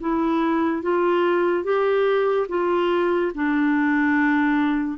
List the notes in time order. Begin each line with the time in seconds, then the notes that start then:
0.00 E4
0.82 F4
1.64 G4
2.48 F4
3.34 D4